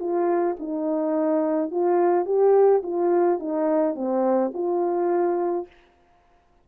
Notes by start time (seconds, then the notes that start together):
0.00 F4
0.60 D#4
1.71 F4
2.26 G4
2.83 F4
3.40 D#4
3.95 C4
4.54 F4